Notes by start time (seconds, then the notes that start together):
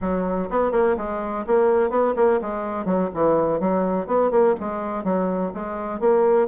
0.01 F#3
0.50 B3
0.71 A#3
0.97 G#3
1.47 A#3
1.90 B3
2.16 A#3
2.41 G#3
2.85 F#3
3.14 E3
3.60 F#3
4.06 B3
4.30 A#3
4.60 G#3
5.04 F#3
5.53 G#3
6.00 A#3